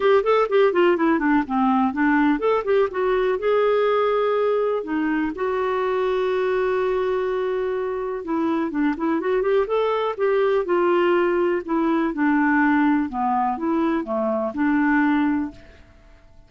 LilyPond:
\new Staff \with { instrumentName = "clarinet" } { \time 4/4 \tempo 4 = 124 g'8 a'8 g'8 f'8 e'8 d'8 c'4 | d'4 a'8 g'8 fis'4 gis'4~ | gis'2 dis'4 fis'4~ | fis'1~ |
fis'4 e'4 d'8 e'8 fis'8 g'8 | a'4 g'4 f'2 | e'4 d'2 b4 | e'4 a4 d'2 | }